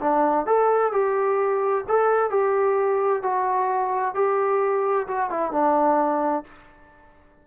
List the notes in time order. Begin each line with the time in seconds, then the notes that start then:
0.00 D4
0.46 A4
0.92 G4
1.88 A4
2.30 G4
3.22 F#4
4.14 G4
5.07 F#4
5.30 E4
5.52 D4